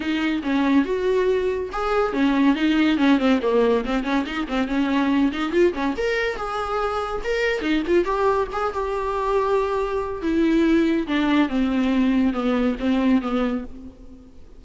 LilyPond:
\new Staff \with { instrumentName = "viola" } { \time 4/4 \tempo 4 = 141 dis'4 cis'4 fis'2 | gis'4 cis'4 dis'4 cis'8 c'8 | ais4 c'8 cis'8 dis'8 c'8 cis'4~ | cis'8 dis'8 f'8 cis'8 ais'4 gis'4~ |
gis'4 ais'4 dis'8 f'8 g'4 | gis'8 g'2.~ g'8 | e'2 d'4 c'4~ | c'4 b4 c'4 b4 | }